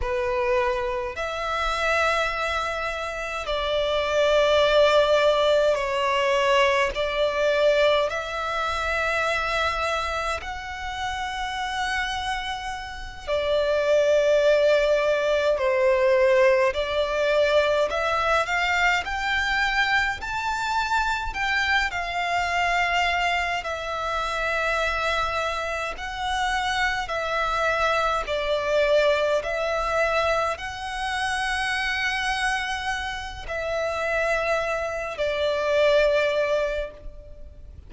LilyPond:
\new Staff \with { instrumentName = "violin" } { \time 4/4 \tempo 4 = 52 b'4 e''2 d''4~ | d''4 cis''4 d''4 e''4~ | e''4 fis''2~ fis''8 d''8~ | d''4. c''4 d''4 e''8 |
f''8 g''4 a''4 g''8 f''4~ | f''8 e''2 fis''4 e''8~ | e''8 d''4 e''4 fis''4.~ | fis''4 e''4. d''4. | }